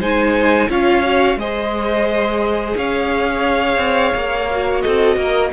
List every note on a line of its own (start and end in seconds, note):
0.00 0.69 G#3
0.00 0.70 D#4
0.00 0.69 C5
0.00 0.71 G#5
0.69 1.37 C#4
0.69 1.03 F4
0.69 1.38 C#5
0.69 1.39 F5
1.03 1.38 F#4
1.37 2.75 G#3
1.37 4.50 G#4
1.37 2.77 C5
1.37 2.77 D#5
2.76 3.77 C#4
2.76 4.83 C#5
2.76 4.81 F5
3.77 4.11 C4
4.15 4.84 A#3
4.51 5.53 F#4
4.81 5.16 C4
4.81 5.17 A4
4.81 5.50 D#5
5.16 5.51 A#3
5.16 5.52 A#4